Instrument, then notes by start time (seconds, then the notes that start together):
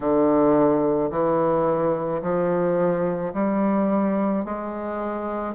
bassoon
0.00 D3
1.10 E3
2.22 F3
3.33 G3
4.44 G#3